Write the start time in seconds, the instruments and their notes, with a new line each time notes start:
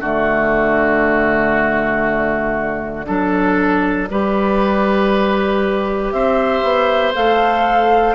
0.00 bassoon D3, clarinet A3, oboe F#4, flute D5
3.07 bassoon F#3, clarinet D4, oboe A4
4.10 bassoon G3, clarinet G4, oboe B4
6.12 bassoon C4, oboe C5, flute E5
6.63 bassoon B3
7.14 bassoon A3, clarinet A4, flute F5